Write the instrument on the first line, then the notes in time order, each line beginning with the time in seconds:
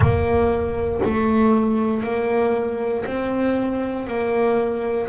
double bass
0.00 A#3
1.04 A3
2.03 A#3
3.05 C4
4.07 A#3